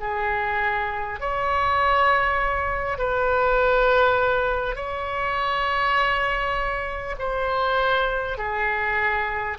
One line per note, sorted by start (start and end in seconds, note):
0.00 1.20 G#4
1.20 2.98 C#5
2.98 4.76 B4
4.76 7.16 C#5
7.18 8.38 C5
8.38 9.58 G#4